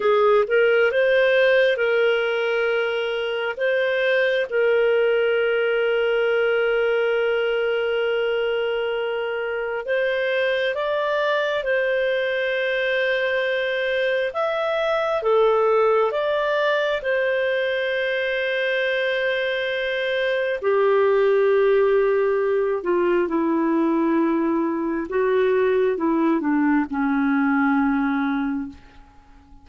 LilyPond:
\new Staff \with { instrumentName = "clarinet" } { \time 4/4 \tempo 4 = 67 gis'8 ais'8 c''4 ais'2 | c''4 ais'2.~ | ais'2. c''4 | d''4 c''2. |
e''4 a'4 d''4 c''4~ | c''2. g'4~ | g'4. f'8 e'2 | fis'4 e'8 d'8 cis'2 | }